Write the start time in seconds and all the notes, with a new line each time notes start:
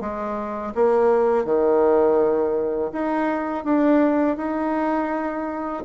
0.00 G#3
0.75 A#3
1.44 D#3
2.92 D#4
3.64 D4
4.37 D#4